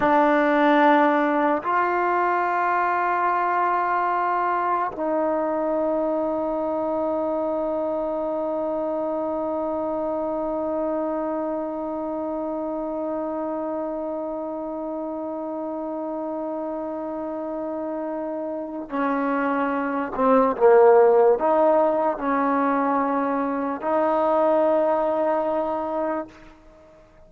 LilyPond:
\new Staff \with { instrumentName = "trombone" } { \time 4/4 \tempo 4 = 73 d'2 f'2~ | f'2 dis'2~ | dis'1~ | dis'1~ |
dis'1~ | dis'2. cis'4~ | cis'8 c'8 ais4 dis'4 cis'4~ | cis'4 dis'2. | }